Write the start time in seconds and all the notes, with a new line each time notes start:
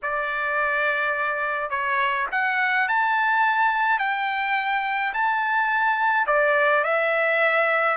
0.02 D5
1.69 C#5
2.31 F#5
2.88 A5
3.98 G5
5.13 A5
6.26 D5
6.84 E5